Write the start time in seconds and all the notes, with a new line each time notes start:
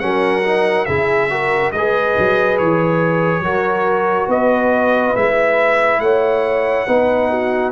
0.00 F#3 C#4 A#4 F#5
0.44 D#4
0.85 C#3 E4 G#4 E5
1.31 F#4 A#4
1.72 G#3 G#4 B4 D#5
2.19 F#3
2.58 E3 C#5
3.41 F#3 F#4 A#4
4.28 B3 B4 D#5
5.16 G#3 E4 E5
6.00 A3 C#5 F#5
6.88 B3 D#4 B4
7.30 F#4